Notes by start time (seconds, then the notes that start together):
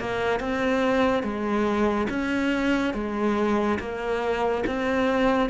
0.00 A#3
0.40 C4
1.23 G#3
2.10 C#4
2.94 G#3
3.80 A#3
4.67 C4